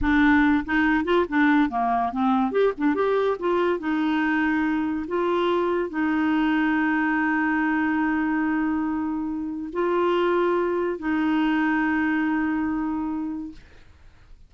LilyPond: \new Staff \with { instrumentName = "clarinet" } { \time 4/4 \tempo 4 = 142 d'4. dis'4 f'8 d'4 | ais4 c'4 g'8 d'8 g'4 | f'4 dis'2. | f'2 dis'2~ |
dis'1~ | dis'2. f'4~ | f'2 dis'2~ | dis'1 | }